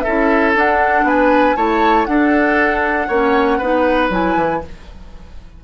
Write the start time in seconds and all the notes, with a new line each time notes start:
0.00 A4 E5
0.06 C#4 E4
0.55 D4 F#5
1.03 B3 B4 G#5
1.56 A3 E4 C#5 A5
2.05 D4 A4 F#5
3.07 A#3 C#4 C#5
3.58 B3 D#4 B4
4.09 F#3 E4 G#5
4.36 E3